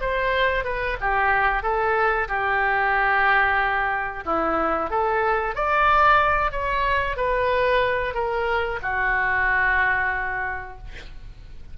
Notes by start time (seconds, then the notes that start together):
0.00 C5
0.64 B4
1.00 G4
1.62 A4
2.28 G4
4.25 E4
4.90 A4
5.55 D5
6.51 C#5
7.16 B4
8.14 A#4
8.82 F#4